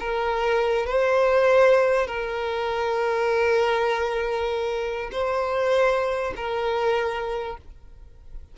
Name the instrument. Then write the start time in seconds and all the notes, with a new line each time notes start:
violin
0.00 A#4
0.87 C5
2.07 A#4
5.12 C5
6.36 A#4